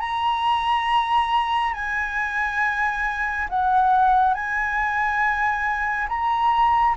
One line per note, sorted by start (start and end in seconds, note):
0.00 1.74 A#5
1.74 3.47 G#5
3.49 4.34 F#5
4.34 6.08 G#5
6.08 6.95 A#5